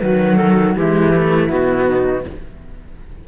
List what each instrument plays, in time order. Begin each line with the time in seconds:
0.00 cello D#3 F#3, flute F#4, clarinet B4
0.35 clarinet A4
0.76 cello E3 G#3, flute E4, clarinet G4
1.15 cello A3
1.48 cello B2 B3, clarinet F#4
1.87 flute D#4